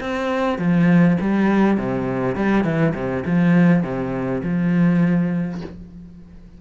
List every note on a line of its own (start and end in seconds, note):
0.00 0.58 C4
0.58 1.17 F3
1.21 1.77 G3
1.77 2.35 C3
2.35 2.64 G3
2.64 2.94 E3
2.94 3.24 C3
3.25 3.83 F3
3.83 4.42 C3
4.43 5.61 F3